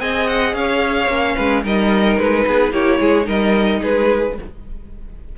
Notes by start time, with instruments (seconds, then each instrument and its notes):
0.00 cello C4, viola G#4, violin D#5 G#5
0.27 violin F#5
0.54 cello C#4, violin C#5 F5
1.08 cello A#3, viola C#4
1.35 cello G#3, violin B4
1.63 cello G3, viola D#4, violin A#4 D#5
2.18 cello G#3, violin B4
2.47 cello B3, violin G#4
2.71 cello A#3, viola E4, violin G4 C#5
3.00 cello G#3, violin G#4
3.24 cello G3, viola D#4, violin A#4 D#5
3.81 cello G#3, violin G#4 B4